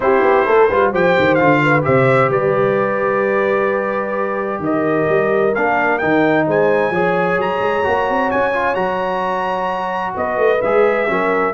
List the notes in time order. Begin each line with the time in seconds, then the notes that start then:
0.00 C4 E4 G4 C5
0.21 B3
0.46 A3 A4
0.67 G3 F4 B4
0.92 F3 G4 C5 G5
1.18 D#3
1.34 D3 F4 F5
1.62 B4
1.82 C3 G4 C5 E5
2.29 G3 B4 D5
4.59 D#3 A#4 D#5
5.08 G3
5.54 A#3 D4 F5
5.98 D#3 D#4 G5
6.46 G#3 C5 G#5
6.90 F3 G#4 C#5
7.37 F#3 A#5
7.60 G#3
7.83 A#3 F#4
8.09 C4
8.30 C#4 G#5
8.53 F4
8.74 F#3 F#4 A#5
10.16 B3 B4 D#5
10.37 A3
10.61 G#3 G#4 E5
11.07 F#3 C#4 A#4